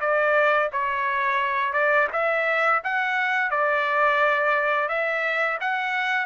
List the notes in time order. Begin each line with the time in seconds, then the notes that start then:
0.00 D5
0.72 C#5
1.73 D5
2.12 E5
2.84 F#5
3.50 D5
4.88 E5
5.61 F#5